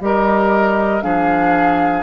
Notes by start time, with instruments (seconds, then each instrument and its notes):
0.00 bassoon G3, clarinet G4, oboe A#4, flute D#5
1.01 bassoon F3, clarinet D4, oboe G#4, flute F5